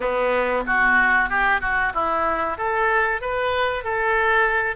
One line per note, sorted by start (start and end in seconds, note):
0.00 0.64 B3
0.66 1.29 F#4
1.29 1.60 G4
1.60 1.92 F#4
1.94 2.57 E4
2.57 3.21 A4
3.21 3.84 B4
3.84 4.76 A4